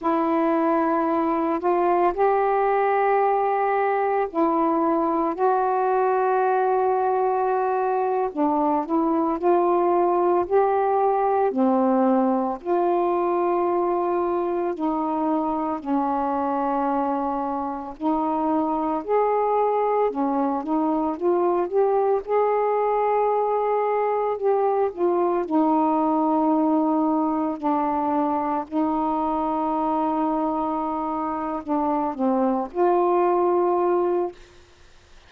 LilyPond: \new Staff \with { instrumentName = "saxophone" } { \time 4/4 \tempo 4 = 56 e'4. f'8 g'2 | e'4 fis'2~ fis'8. d'16~ | d'16 e'8 f'4 g'4 c'4 f'16~ | f'4.~ f'16 dis'4 cis'4~ cis'16~ |
cis'8. dis'4 gis'4 cis'8 dis'8 f'16~ | f'16 g'8 gis'2 g'8 f'8 dis'16~ | dis'4.~ dis'16 d'4 dis'4~ dis'16~ | dis'4. d'8 c'8 f'4. | }